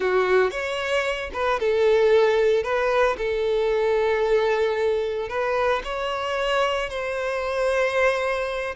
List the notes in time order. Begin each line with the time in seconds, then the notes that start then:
0.00 F#4
0.50 C#5
1.33 B4
1.59 A4
2.63 B4
3.17 A4
5.29 B4
5.84 C#5
6.89 C5